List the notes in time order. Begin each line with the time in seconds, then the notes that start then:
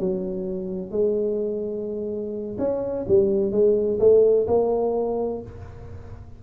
0.00 F#3
0.92 G#3
2.59 C#4
3.08 G3
3.52 G#3
4.00 A3
4.48 A#3